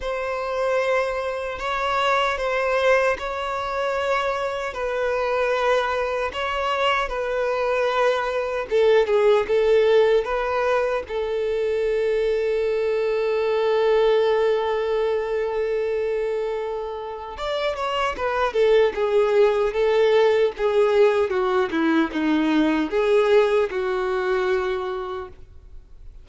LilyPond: \new Staff \with { instrumentName = "violin" } { \time 4/4 \tempo 4 = 76 c''2 cis''4 c''4 | cis''2 b'2 | cis''4 b'2 a'8 gis'8 | a'4 b'4 a'2~ |
a'1~ | a'2 d''8 cis''8 b'8 a'8 | gis'4 a'4 gis'4 fis'8 e'8 | dis'4 gis'4 fis'2 | }